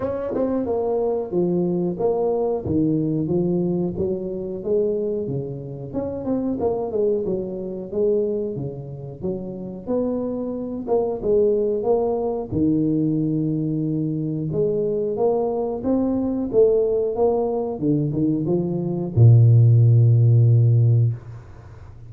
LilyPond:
\new Staff \with { instrumentName = "tuba" } { \time 4/4 \tempo 4 = 91 cis'8 c'8 ais4 f4 ais4 | dis4 f4 fis4 gis4 | cis4 cis'8 c'8 ais8 gis8 fis4 | gis4 cis4 fis4 b4~ |
b8 ais8 gis4 ais4 dis4~ | dis2 gis4 ais4 | c'4 a4 ais4 d8 dis8 | f4 ais,2. | }